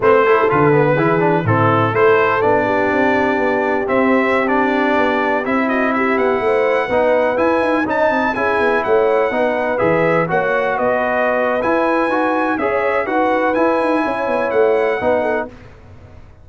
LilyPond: <<
  \new Staff \with { instrumentName = "trumpet" } { \time 4/4 \tempo 4 = 124 c''4 b'2 a'4 | c''4 d''2. | e''4~ e''16 d''2 e''8 dis''16~ | dis''16 e''8 fis''2~ fis''8 gis''8.~ |
gis''16 a''4 gis''4 fis''4.~ fis''16~ | fis''16 e''4 fis''4 dis''4.~ dis''16 | gis''2 e''4 fis''4 | gis''2 fis''2 | }
  \new Staff \with { instrumentName = "horn" } { \time 4/4 b'8 a'4. gis'4 e'4 | a'4. g'2~ g'8~ | g'2.~ g'8. fis'16~ | fis'16 g'4 c''4 b'4.~ b'16~ |
b'16 dis''4 gis'4 cis''4 b'8.~ | b'4~ b'16 cis''4 b'4.~ b'16~ | b'2 cis''4 b'4~ | b'4 cis''2 b'8 a'8 | }
  \new Staff \with { instrumentName = "trombone" } { \time 4/4 c'8 e'8 f'8 b8 e'8 d'8 c'4 | e'4 d'2. | c'4~ c'16 d'2 e'8.~ | e'2~ e'16 dis'4 e'8.~ |
e'16 dis'4 e'2 dis'8.~ | dis'16 gis'4 fis'2~ fis'8. | e'4 fis'4 gis'4 fis'4 | e'2. dis'4 | }
  \new Staff \with { instrumentName = "tuba" } { \time 4/4 a4 d4 e4 a,4 | a4 b4 c'4 b4 | c'2~ c'16 b4 c'8.~ | c'8. b8 a4 b4 e'8 dis'16~ |
dis'16 cis'8 c'8 cis'8 b8 a4 b8.~ | b16 e4 ais4 b4.~ b16 | e'4 dis'4 cis'4 dis'4 | e'8 dis'8 cis'8 b8 a4 b4 | }
>>